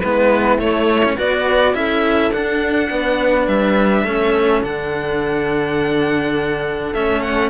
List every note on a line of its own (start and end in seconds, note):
0.00 0.58 G#3
0.00 0.59 B3
0.00 1.16 E4
0.00 0.58 B4
0.58 1.16 A3
0.58 1.03 A3
0.58 1.18 C#5
1.05 1.18 C#4
1.16 1.75 B3
1.16 1.74 F#4
1.16 1.74 B4
1.16 1.75 D5
1.74 2.31 C#4
1.74 2.32 E4
1.74 2.91 A4
1.74 2.33 E5
2.31 2.89 D4
2.31 4.07 D4
2.31 3.48 F#5
2.90 3.48 B3
2.90 4.06 B4
3.48 4.04 G3
3.48 4.63 E5
4.04 4.62 A3
4.04 4.64 C#4
4.04 7.50 A4
4.63 6.94 D3
4.63 6.95 D4
4.63 6.94 F#5
6.94 7.50 A3
6.94 7.50 C#4
6.94 7.22 E5
7.22 7.50 F#5